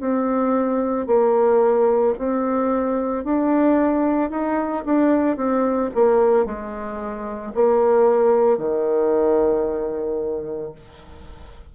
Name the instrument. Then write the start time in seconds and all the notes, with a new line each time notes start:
bassoon
0.00 C4
1.07 A#3
2.18 C4
3.24 D4
4.30 D#4
4.86 D4
5.37 C4
5.95 A#3
6.45 G#3
7.54 A#3
8.58 D#3